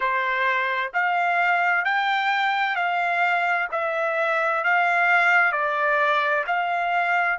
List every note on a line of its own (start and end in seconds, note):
0.00 0.91 C5
0.93 1.85 F5
1.85 2.75 G5
2.75 3.68 F5
3.71 4.64 E5
4.64 5.51 F5
5.51 6.44 D5
6.47 7.38 F5